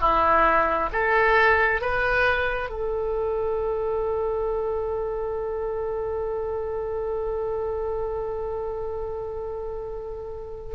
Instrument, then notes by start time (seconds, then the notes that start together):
oboe
0.00 E4
0.92 A4
1.81 B4
2.69 A4